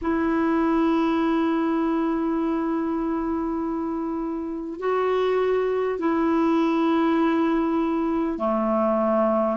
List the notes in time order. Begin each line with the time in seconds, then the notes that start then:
0.01 E4
4.79 F#4
5.98 E4
8.38 A3